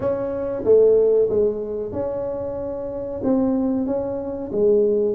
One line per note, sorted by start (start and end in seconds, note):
0.00 0.63 C#4
0.64 1.28 A3
1.29 1.92 G#3
1.92 3.21 C#4
3.23 3.86 C4
3.86 4.50 C#4
4.52 5.14 G#3